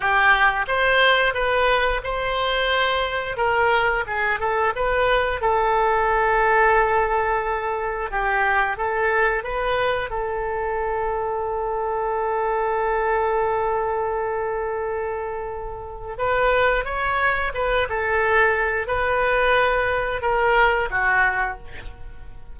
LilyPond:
\new Staff \with { instrumentName = "oboe" } { \time 4/4 \tempo 4 = 89 g'4 c''4 b'4 c''4~ | c''4 ais'4 gis'8 a'8 b'4 | a'1 | g'4 a'4 b'4 a'4~ |
a'1~ | a'1 | b'4 cis''4 b'8 a'4. | b'2 ais'4 fis'4 | }